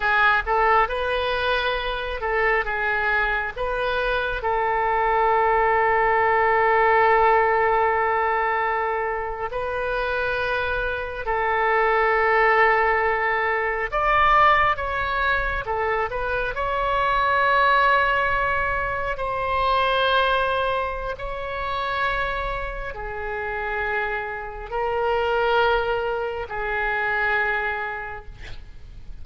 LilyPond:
\new Staff \with { instrumentName = "oboe" } { \time 4/4 \tempo 4 = 68 gis'8 a'8 b'4. a'8 gis'4 | b'4 a'2.~ | a'2~ a'8. b'4~ b'16~ | b'8. a'2. d''16~ |
d''8. cis''4 a'8 b'8 cis''4~ cis''16~ | cis''4.~ cis''16 c''2~ c''16 | cis''2 gis'2 | ais'2 gis'2 | }